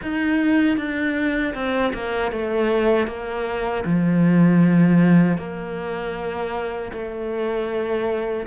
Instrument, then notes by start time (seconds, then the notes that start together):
cello
0.02 D#4
0.77 D4
1.54 C4
1.93 A#3
2.31 A3
3.07 A#3
3.85 F3
5.37 A#3
6.92 A3